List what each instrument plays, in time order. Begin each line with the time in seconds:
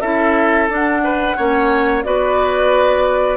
0.00 bassoon C#4, clarinet E4, oboe A4, flute E5
0.68 bassoon D4, clarinet D4, flute F#5
1.04 oboe B4
1.37 bassoon A#3, clarinet C#4, oboe C#5
2.03 bassoon B3, clarinet F#4, oboe B4, flute D5